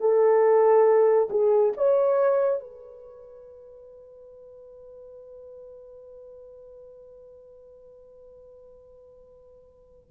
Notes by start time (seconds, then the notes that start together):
0.00 A4
1.30 G#4
1.76 C#5
2.60 B4